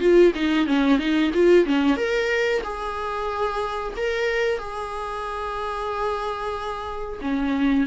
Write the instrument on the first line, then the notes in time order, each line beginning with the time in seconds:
viola
0.00 F4
0.35 D#4
0.67 C#4
0.98 D#4
1.34 F4
1.66 C#4
1.97 A#4
2.64 G#4
3.97 A#4
4.58 G#4
7.22 C#4